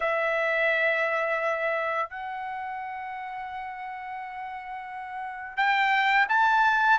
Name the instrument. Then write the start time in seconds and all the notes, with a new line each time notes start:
trumpet
0.00 E5
2.09 F#5
5.57 G5
6.29 A5